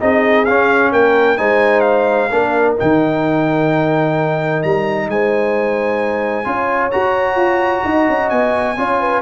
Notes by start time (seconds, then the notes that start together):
0.00 C4 D#4 G#4 D#5
0.45 C#4 F5
0.92 A#3 A#4 G5
1.37 G#3 D#4 C5 G#5
1.80 F5
2.31 A#3 D4 A#4
2.76 D#3 D#4 G5
4.63 G3 A#5
5.08 G#3 C5 G#5
6.45 C#4 F4 C#5
6.91 F#4 A#5
7.36 F4
7.84 D#4 D#5
8.08 C#4
8.30 B3 G#5
8.77 C#4 F4 C#5
9.00 B4